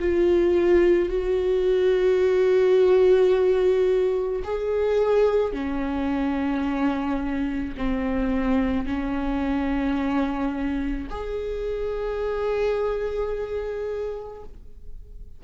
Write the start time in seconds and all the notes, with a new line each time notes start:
0.00 F4
1.10 F#4
4.44 G#4
5.53 C#4
7.78 C4
8.86 C#4
11.11 G#4